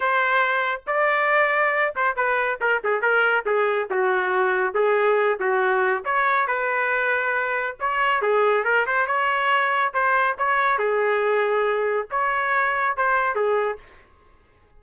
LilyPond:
\new Staff \with { instrumentName = "trumpet" } { \time 4/4 \tempo 4 = 139 c''2 d''2~ | d''8 c''8 b'4 ais'8 gis'8 ais'4 | gis'4 fis'2 gis'4~ | gis'8 fis'4. cis''4 b'4~ |
b'2 cis''4 gis'4 | ais'8 c''8 cis''2 c''4 | cis''4 gis'2. | cis''2 c''4 gis'4 | }